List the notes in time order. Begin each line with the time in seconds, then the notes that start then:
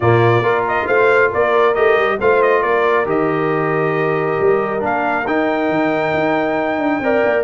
0.00 A#2 A#3 F4 D5
0.41 A#3 F4 A#4
0.68 D#5
0.85 A3 C5 F5
1.30 A#3 A#4 D5
1.74 A3 G4 D#5
1.96 G3
2.18 A3 F4 C5 F5
2.42 D#5
2.61 A#3 A#4 D5
3.05 D#3 G4 D#5
4.40 G3
4.80 A#3 D4 F5
5.26 D#4 G5
5.69 D#3
6.13 D#4
6.77 D4
6.99 C4 A#4 D5
7.25 A#3